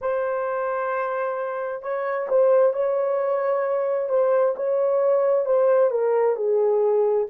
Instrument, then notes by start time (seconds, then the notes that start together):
horn
0.01 C5
1.82 C#5
2.28 C5
2.73 C#5
4.09 C5
4.55 C#5
5.45 C5
5.90 A#4
6.36 G#4